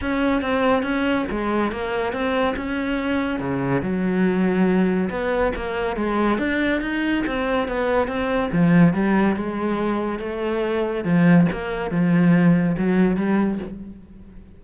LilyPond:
\new Staff \with { instrumentName = "cello" } { \time 4/4 \tempo 4 = 141 cis'4 c'4 cis'4 gis4 | ais4 c'4 cis'2 | cis4 fis2. | b4 ais4 gis4 d'4 |
dis'4 c'4 b4 c'4 | f4 g4 gis2 | a2 f4 ais4 | f2 fis4 g4 | }